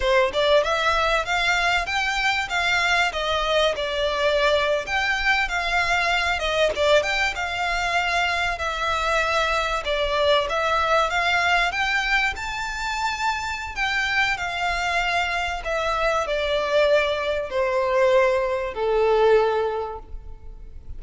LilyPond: \new Staff \with { instrumentName = "violin" } { \time 4/4 \tempo 4 = 96 c''8 d''8 e''4 f''4 g''4 | f''4 dis''4 d''4.~ d''16 g''16~ | g''8. f''4. dis''8 d''8 g''8 f''16~ | f''4.~ f''16 e''2 d''16~ |
d''8. e''4 f''4 g''4 a''16~ | a''2 g''4 f''4~ | f''4 e''4 d''2 | c''2 a'2 | }